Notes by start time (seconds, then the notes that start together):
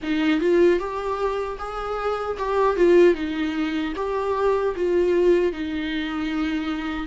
0.02 D#4
0.40 F4
0.79 G4
1.58 G#4
2.38 G4
2.76 F4
3.14 D#4
3.95 G4
4.75 F4
5.52 D#4